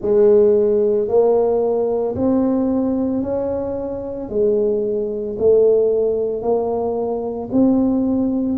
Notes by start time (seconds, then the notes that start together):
0.01 G#3
1.08 A#3
2.15 C4
3.22 C#4
4.29 G#3
5.38 A3
6.42 A#3
7.52 C4